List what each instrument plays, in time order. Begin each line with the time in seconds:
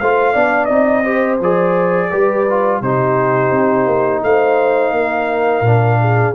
0.00 tuba A3, trombone F4, horn C5, trumpet F5
0.33 tuba B3, trombone D4, horn D5
0.65 tuba C4, trombone D#4, trumpet D#5
1.03 trombone G4, horn C5
1.40 tuba F3, trombone G#4, trumpet D5
2.10 tuba G3, trombone G4, horn B4
2.50 trombone F4
2.81 tuba C3, trombone D#4, horn G4, trumpet C5
3.51 tuba C4
3.86 tuba A#3
4.23 tuba A3, horn C5, trumpet F5
4.91 tuba A#3, horn A#4
5.61 tuba A#2, trombone D4
6.01 horn G#4